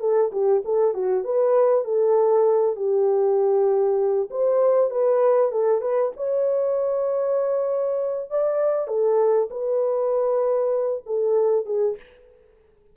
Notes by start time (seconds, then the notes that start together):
0.00 A4
0.32 G4
0.65 A4
0.94 F#4
1.24 B4
1.84 A4
2.76 G4
4.31 C5
4.90 B4
5.52 A4
5.81 B4
6.16 C#5
8.30 D5
8.88 A4
9.50 B4
11.06 A4
11.66 G#4